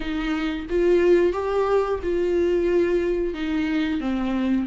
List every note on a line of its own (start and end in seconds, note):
0.00 0.66 D#4
0.69 1.32 F4
1.32 1.99 G4
2.02 3.34 F4
3.34 4.00 D#4
4.00 4.66 C4